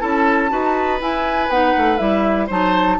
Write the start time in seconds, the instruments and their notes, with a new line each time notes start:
0.00 bassoon C#4, clarinet E4, oboe A4, flute A5
0.49 bassoon D#4, clarinet F#4, oboe B4
1.00 clarinet E4, bassoon E4, flute G#5
1.48 bassoon B3, clarinet D#4, flute F#5
1.77 bassoon A3
1.98 bassoon G3, clarinet E4, flute E5
2.47 bassoon F#3, clarinet D#4, oboe C5, flute A5